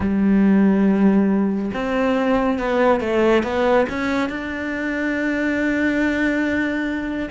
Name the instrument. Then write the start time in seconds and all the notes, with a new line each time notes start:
cello
0.00 G3
1.73 C4
2.58 B3
3.00 A3
3.43 B3
3.89 C#4
4.29 D4